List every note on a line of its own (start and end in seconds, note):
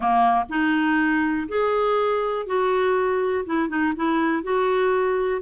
0.00 0.44 A#3
0.49 1.47 D#4
1.48 2.46 G#4
2.46 3.44 F#4
3.45 3.68 E4
3.68 3.93 D#4
3.95 4.43 E4
4.43 5.41 F#4